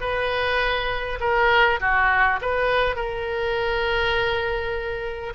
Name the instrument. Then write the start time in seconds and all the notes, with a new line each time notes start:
oboe
0.00 B4
1.20 A#4
1.80 F#4
2.41 B4
2.96 A#4